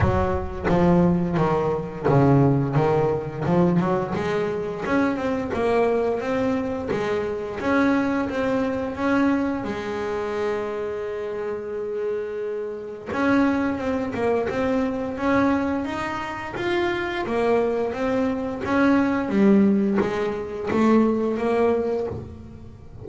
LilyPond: \new Staff \with { instrumentName = "double bass" } { \time 4/4 \tempo 4 = 87 fis4 f4 dis4 cis4 | dis4 f8 fis8 gis4 cis'8 c'8 | ais4 c'4 gis4 cis'4 | c'4 cis'4 gis2~ |
gis2. cis'4 | c'8 ais8 c'4 cis'4 dis'4 | f'4 ais4 c'4 cis'4 | g4 gis4 a4 ais4 | }